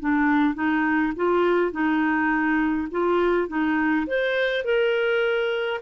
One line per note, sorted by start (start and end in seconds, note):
0.00 0.55 D4
0.55 1.13 D#4
1.17 1.72 F4
1.72 2.88 D#4
2.92 3.48 F4
3.48 4.07 D#4
4.07 4.65 C5
4.65 5.81 A#4